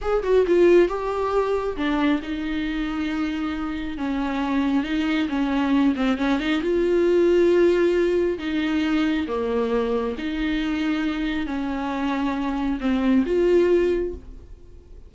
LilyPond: \new Staff \with { instrumentName = "viola" } { \time 4/4 \tempo 4 = 136 gis'8 fis'8 f'4 g'2 | d'4 dis'2.~ | dis'4 cis'2 dis'4 | cis'4. c'8 cis'8 dis'8 f'4~ |
f'2. dis'4~ | dis'4 ais2 dis'4~ | dis'2 cis'2~ | cis'4 c'4 f'2 | }